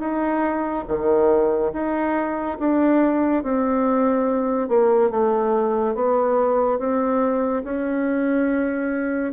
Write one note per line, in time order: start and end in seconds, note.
0.00 0.85 D#4
0.88 1.72 D#3
1.73 2.58 D#4
2.60 3.43 D4
3.43 4.69 C4
4.69 5.11 A#3
5.11 5.95 A3
5.95 6.79 B3
6.79 7.64 C4
7.64 9.33 C#4